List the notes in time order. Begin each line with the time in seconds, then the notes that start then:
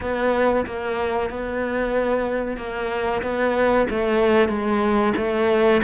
0.01 B3
0.65 A#3
1.29 B3
2.57 A#3
3.22 B3
3.90 A3
4.48 G#3
5.16 A3